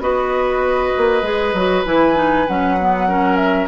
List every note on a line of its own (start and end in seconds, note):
0.00 0.92 B3
0.00 1.23 F#4
0.00 3.08 B4
0.00 1.85 D#5
0.98 1.23 A#3
1.23 1.53 G#3
1.23 1.54 G#4
1.54 1.85 F#3
1.54 1.86 F#4
1.86 2.47 E3
1.86 2.15 E4
1.86 2.48 G#5
2.15 2.46 D#4
2.48 3.68 F#3
2.48 2.79 C#4
2.48 3.36 F#5
2.80 3.09 B3
3.08 3.68 C#4
3.08 3.68 A#4
3.36 3.67 E5